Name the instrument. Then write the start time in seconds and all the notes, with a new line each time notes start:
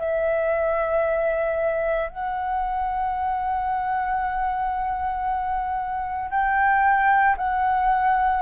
flute
0.00 E5
2.10 F#5
6.31 G5
7.37 F#5